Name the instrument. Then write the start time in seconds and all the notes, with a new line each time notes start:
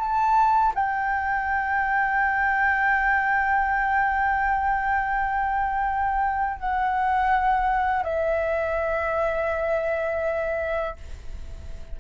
flute
0.00 A5
0.75 G5
6.60 F#5
8.04 E5